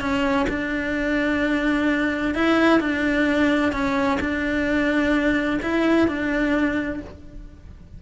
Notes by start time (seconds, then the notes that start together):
0.00 C#4
0.49 D4
2.34 E4
2.80 D4
3.72 C#4
4.20 D4
5.62 E4
6.07 D4